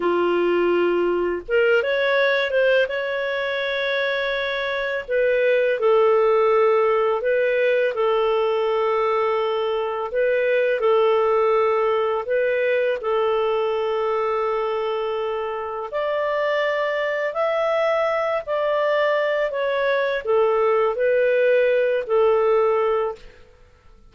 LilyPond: \new Staff \with { instrumentName = "clarinet" } { \time 4/4 \tempo 4 = 83 f'2 ais'8 cis''4 c''8 | cis''2. b'4 | a'2 b'4 a'4~ | a'2 b'4 a'4~ |
a'4 b'4 a'2~ | a'2 d''2 | e''4. d''4. cis''4 | a'4 b'4. a'4. | }